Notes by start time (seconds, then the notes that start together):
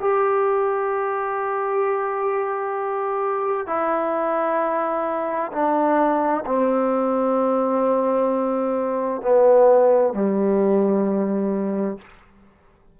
0.00 G4
3.67 E4
5.52 D4
6.46 C4
9.21 B3
10.14 G3